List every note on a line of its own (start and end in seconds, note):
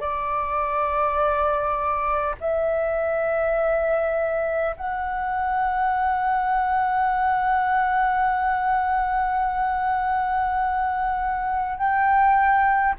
0.00 2.35 D5
2.40 4.75 E5
4.76 11.77 F#5
11.77 12.95 G5